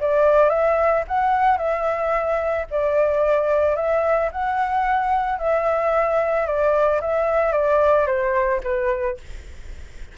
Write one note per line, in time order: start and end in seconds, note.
0.00 0.50 D5
0.50 1.04 E5
1.08 1.58 F#5
1.58 2.66 E5
2.71 3.76 D5
3.76 4.30 E5
4.32 5.39 F#5
5.39 6.46 E5
6.46 7.00 D5
7.01 7.52 E5
7.52 8.06 D5
8.07 8.61 C5
8.64 9.18 B4